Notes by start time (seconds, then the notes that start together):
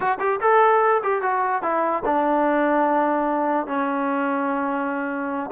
0.00 F#4
0.19 G4
0.41 A4
1.03 G4
1.22 F#4
1.62 E4
2.05 D4
3.66 C#4